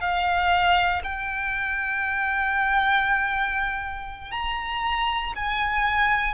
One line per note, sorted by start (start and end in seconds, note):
0.00 1.02 F5
1.03 4.31 G5
4.31 5.33 A#5
5.35 6.34 G#5